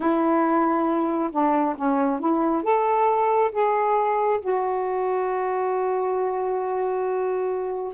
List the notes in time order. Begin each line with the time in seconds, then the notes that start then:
0.00 E4
1.31 D4
1.76 C#4
2.19 E4
2.63 A4
3.51 G#4
4.40 F#4